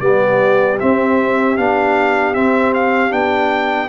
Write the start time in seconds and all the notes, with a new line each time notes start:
0.00 G3 B3 G4 D5
0.79 C4 E5
1.57 B3 D4 F5
2.34 C4 E5
2.74 F5
3.10 B3 D4 G5